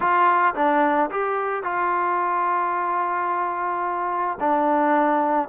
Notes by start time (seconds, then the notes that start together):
0.00 F4
0.54 D4
1.10 G4
1.63 F4
4.40 D4